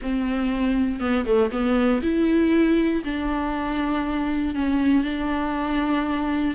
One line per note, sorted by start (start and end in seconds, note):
0.02 1.00 C4
1.00 1.25 B3
1.25 1.50 A3
1.51 2.01 B3
2.02 3.03 E4
3.04 4.54 D4
4.54 5.03 C#4
5.03 6.54 D4